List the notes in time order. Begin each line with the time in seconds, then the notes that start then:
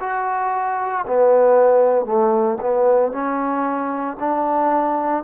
0.00 F#4
1.07 B3
2.05 A3
2.61 B3
3.12 C#4
4.20 D4